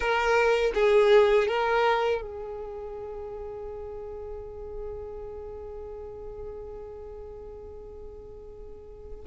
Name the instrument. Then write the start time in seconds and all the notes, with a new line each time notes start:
violin
0.00 A#4
0.74 G#4
1.47 A#4
2.21 G#4